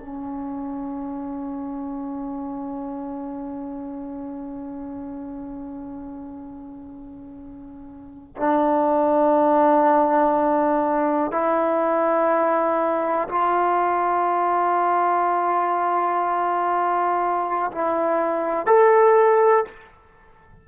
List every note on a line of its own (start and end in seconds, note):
0.00 8.36 C#4
8.37 11.32 D4
11.32 13.28 E4
13.29 17.71 F4
17.72 18.67 E4
18.67 19.65 A4